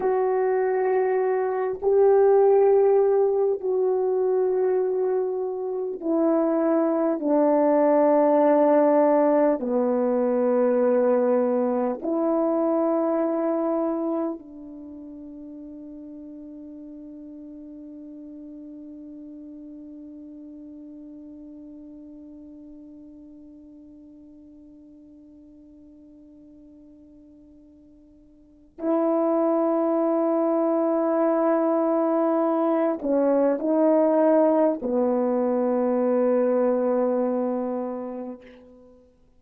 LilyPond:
\new Staff \with { instrumentName = "horn" } { \time 4/4 \tempo 4 = 50 fis'4. g'4. fis'4~ | fis'4 e'4 d'2 | b2 e'2 | d'1~ |
d'1~ | d'1 | e'2.~ e'8 cis'8 | dis'4 b2. | }